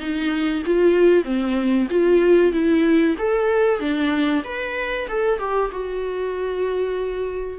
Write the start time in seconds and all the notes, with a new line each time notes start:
0.00 D#4
0.66 F4
1.25 C4
1.91 F4
2.53 E4
3.19 A4
3.80 D4
4.45 B4
5.09 A4
5.39 G4
5.72 F#4